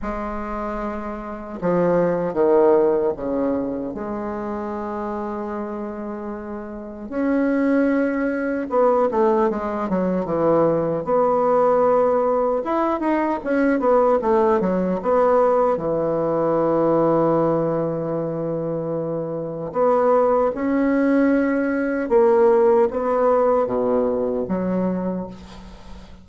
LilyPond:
\new Staff \with { instrumentName = "bassoon" } { \time 4/4 \tempo 4 = 76 gis2 f4 dis4 | cis4 gis2.~ | gis4 cis'2 b8 a8 | gis8 fis8 e4 b2 |
e'8 dis'8 cis'8 b8 a8 fis8 b4 | e1~ | e4 b4 cis'2 | ais4 b4 b,4 fis4 | }